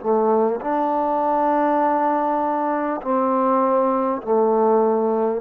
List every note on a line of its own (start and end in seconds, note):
0.00 0.60 A3
0.61 3.01 D4
3.02 4.22 C4
4.22 5.41 A3